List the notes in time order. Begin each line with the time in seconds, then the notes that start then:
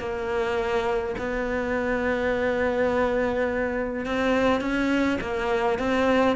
0.00 A#3
1.18 B3
4.06 C4
4.61 C#4
5.21 A#3
5.79 C4